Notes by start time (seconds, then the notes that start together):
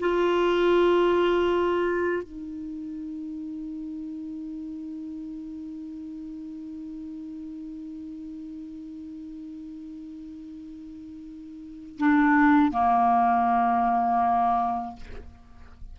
0.00 F4
2.23 D#4
11.98 D4
12.72 A#3